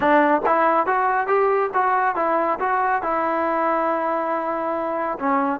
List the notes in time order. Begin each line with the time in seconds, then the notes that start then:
0.00 D4
0.46 E4
0.86 F#4
1.27 G4
1.73 F#4
2.15 E4
2.59 F#4
3.02 E4
5.19 C#4